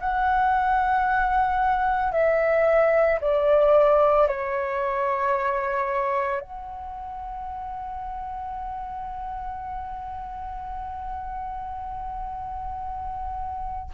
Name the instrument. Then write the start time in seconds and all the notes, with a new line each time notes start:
flute
0.00 F#5
2.12 E5
3.21 D5
4.28 C#5
6.41 F#5